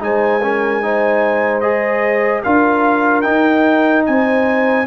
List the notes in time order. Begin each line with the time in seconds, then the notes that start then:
0.00 G#3 D#4 C5 G#5
0.42 C#4 A#4
0.82 D#4 C5
1.61 G#4 D#5
2.44 D4 F4 A#4 F5
3.22 D#4 G5
4.06 C4 C5 G#5